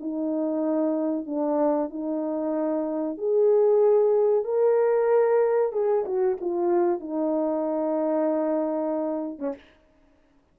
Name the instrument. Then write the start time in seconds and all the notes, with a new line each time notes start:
horn
0.00 D#4
1.26 D4
1.90 D#4
3.18 G#4
4.44 A#4
5.72 G#4
6.05 F#4
6.41 F4
7.00 D#4
9.39 C#4